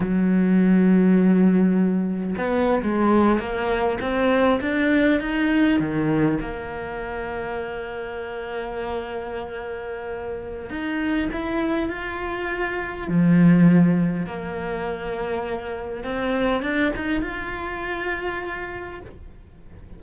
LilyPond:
\new Staff \with { instrumentName = "cello" } { \time 4/4 \tempo 4 = 101 fis1 | b8. gis4 ais4 c'4 d'16~ | d'8. dis'4 dis4 ais4~ ais16~ | ais1~ |
ais2 dis'4 e'4 | f'2 f2 | ais2. c'4 | d'8 dis'8 f'2. | }